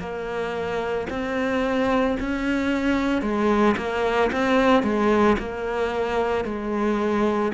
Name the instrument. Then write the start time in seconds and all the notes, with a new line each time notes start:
cello
0.00 A#3
1.10 C4
2.20 C#4
3.22 G#3
3.77 A#3
4.32 C4
4.83 G#3
5.39 A#3
6.45 G#3